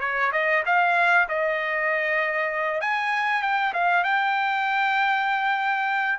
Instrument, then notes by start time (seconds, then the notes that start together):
trumpet
0.00 C#5
0.32 D#5
0.66 F5
1.28 D#5
2.81 G#5
3.42 G5
3.73 F5
4.03 G5